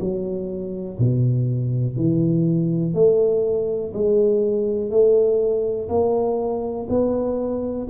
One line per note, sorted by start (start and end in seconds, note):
0.00 0.98 F#3
0.98 1.96 B2
1.96 2.94 E3
2.94 3.92 A3
3.93 4.90 G#3
4.90 5.88 A3
5.89 6.87 A#3
6.89 7.88 B3